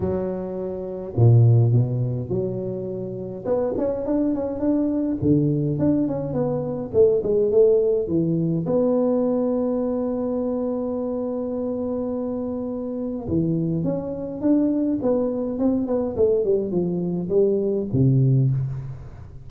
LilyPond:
\new Staff \with { instrumentName = "tuba" } { \time 4/4 \tempo 4 = 104 fis2 ais,4 b,4 | fis2 b8 cis'8 d'8 cis'8 | d'4 d4 d'8 cis'8 b4 | a8 gis8 a4 e4 b4~ |
b1~ | b2. e4 | cis'4 d'4 b4 c'8 b8 | a8 g8 f4 g4 c4 | }